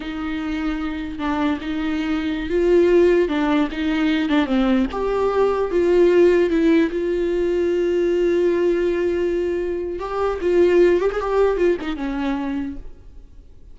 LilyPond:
\new Staff \with { instrumentName = "viola" } { \time 4/4 \tempo 4 = 150 dis'2. d'4 | dis'2~ dis'16 f'4.~ f'16~ | f'16 d'4 dis'4. d'8 c'8.~ | c'16 g'2 f'4.~ f'16~ |
f'16 e'4 f'2~ f'8.~ | f'1~ | f'4 g'4 f'4. g'16 gis'16 | g'4 f'8 dis'8 cis'2 | }